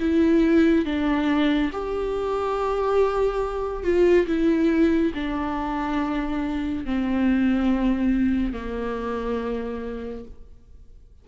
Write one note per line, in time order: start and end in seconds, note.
0.00 0.85 E4
0.85 1.71 D4
1.73 3.84 G4
3.84 4.27 F4
4.27 5.13 E4
5.14 6.85 D4
6.85 8.53 C4
8.53 10.24 A#3